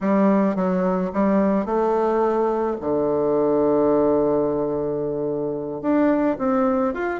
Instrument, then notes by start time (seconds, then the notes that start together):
bassoon
0.01 G3
0.55 F#3
1.13 G3
1.65 A3
2.80 D3
5.81 D4
6.38 C4
6.93 F4